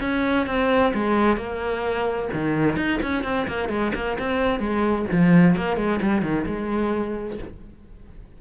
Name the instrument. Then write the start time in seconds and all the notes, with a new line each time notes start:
cello
0.00 C#4
0.46 C4
0.94 G#3
1.36 A#3
2.33 D#3
2.76 D#4
3.02 C#4
3.23 C4
3.47 A#3
3.68 G#3
3.94 A#3
4.19 C4
4.59 G#3
5.11 F3
5.56 A#3
5.77 G#3
6.01 G3
6.22 D#3
6.46 G#3